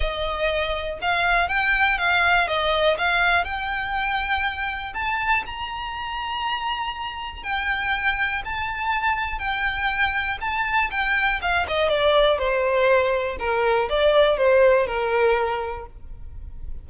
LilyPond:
\new Staff \with { instrumentName = "violin" } { \time 4/4 \tempo 4 = 121 dis''2 f''4 g''4 | f''4 dis''4 f''4 g''4~ | g''2 a''4 ais''4~ | ais''2. g''4~ |
g''4 a''2 g''4~ | g''4 a''4 g''4 f''8 dis''8 | d''4 c''2 ais'4 | d''4 c''4 ais'2 | }